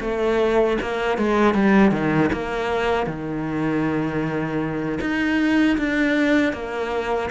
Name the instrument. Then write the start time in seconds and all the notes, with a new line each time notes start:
cello
0.00 A3
0.81 A#3
1.17 G#3
1.54 G3
1.91 D#3
2.32 A#3
3.06 D#3
5.00 D#4
5.77 D4
6.52 A#3